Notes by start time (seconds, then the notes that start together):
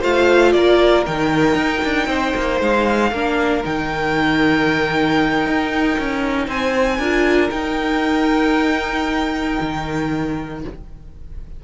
0.00 A3 F4 C5 F5
0.52 A#3 A#4 D5
1.05 D#3 D#4 G5
1.55 D#4
1.84 D4
2.07 C4 C5
2.36 A#3
2.60 G#3 F5
3.11 A#3 D4 A#4
3.64 D#3 D#4 G5
5.46 D#4
5.99 C#4
6.47 C4 C5 G#5
6.98 D4 F4 A#4
7.50 D#4 G5
9.61 D#3